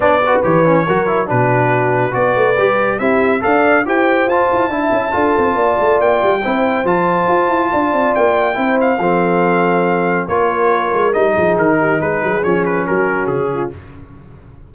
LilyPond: <<
  \new Staff \with { instrumentName = "trumpet" } { \time 4/4 \tempo 4 = 140 d''4 cis''2 b'4~ | b'4 d''2 e''4 | f''4 g''4 a''2~ | a''2 g''2 |
a''2. g''4~ | g''8 f''2.~ f''8 | cis''2 dis''4 ais'4 | b'4 cis''8 b'8 ais'4 gis'4 | }
  \new Staff \with { instrumentName = "horn" } { \time 4/4 cis''8 b'4. ais'4 fis'4~ | fis'4 b'2 g'4 | d''4 c''2 e''4 | a'4 d''2 c''4~ |
c''2 d''2 | c''4 a'2. | ais'2~ ais'8 gis'4 g'8 | gis'2 fis'4. f'8 | }
  \new Staff \with { instrumentName = "trombone" } { \time 4/4 d'8 fis'8 g'8 cis'8 fis'8 e'8 d'4~ | d'4 fis'4 g'4 e'4 | a'4 g'4 f'4 e'4 | f'2. e'4 |
f'1 | e'4 c'2. | f'2 dis'2~ | dis'4 cis'2. | }
  \new Staff \with { instrumentName = "tuba" } { \time 4/4 b4 e4 fis4 b,4~ | b,4 b8 a8 g4 c'4 | d'4 e'4 f'8 e'8 d'8 cis'8 | d'8 c'8 ais8 a8 ais8 g8 c'4 |
f4 f'8 e'8 d'8 c'8 ais4 | c'4 f2. | ais4. gis8 g8 f8 dis4 | gis8 fis8 f4 fis4 cis4 | }
>>